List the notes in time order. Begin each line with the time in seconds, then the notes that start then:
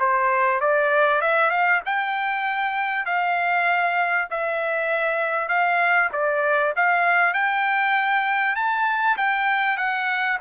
0.00 C5
0.61 D5
1.22 E5
1.51 F5
1.86 G5
3.06 F5
4.31 E5
5.49 F5
6.13 D5
6.77 F5
7.34 G5
8.56 A5
9.18 G5
9.78 F#5